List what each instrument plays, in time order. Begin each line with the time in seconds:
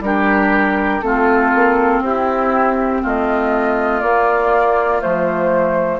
0.00 bassoon G3, clarinet D4, oboe G4, flute A#4
1.01 bassoon A3, clarinet C4, oboe F4, flute A4
1.55 bassoon A#3
2.01 bassoon C4, oboe E4, flute G4
3.02 bassoon A3, oboe F4, flute D#5
4.01 clarinet A#3, bassoon A#3, flute D5
4.99 bassoon F3, clarinet A3, flute C5